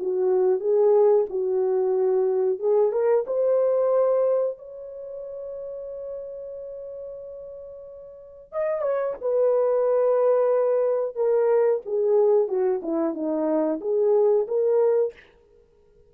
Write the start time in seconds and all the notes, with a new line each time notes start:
0.00 F#4
0.60 G#4
1.30 F#4
2.60 G#4
2.92 A#4
3.27 C5
4.58 C#5
8.53 D#5
8.82 C#5
9.21 B4
11.16 A#4
11.86 G#4
12.48 F#4
12.82 E4
13.14 D#4
13.81 G#4
14.48 A#4